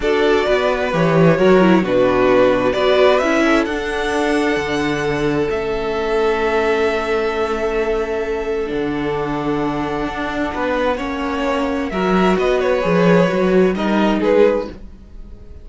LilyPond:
<<
  \new Staff \with { instrumentName = "violin" } { \time 4/4 \tempo 4 = 131 d''2 cis''2 | b'2 d''4 e''4 | fis''1 | e''1~ |
e''2. fis''4~ | fis''1~ | fis''2 e''4 dis''8 cis''8~ | cis''2 dis''4 b'4 | }
  \new Staff \with { instrumentName = "violin" } { \time 4/4 a'4 b'2 ais'4 | fis'2 b'4. a'8~ | a'1~ | a'1~ |
a'1~ | a'2. b'4 | cis''2 ais'4 b'4~ | b'2 ais'4 gis'4 | }
  \new Staff \with { instrumentName = "viola" } { \time 4/4 fis'2 g'4 fis'8 e'8 | d'2 fis'4 e'4 | d'1 | cis'1~ |
cis'2. d'4~ | d'1 | cis'2 fis'2 | gis'4 fis'4 dis'2 | }
  \new Staff \with { instrumentName = "cello" } { \time 4/4 d'4 b4 e4 fis4 | b,2 b4 cis'4 | d'2 d2 | a1~ |
a2. d4~ | d2 d'4 b4 | ais2 fis4 b4 | f4 fis4 g4 gis4 | }
>>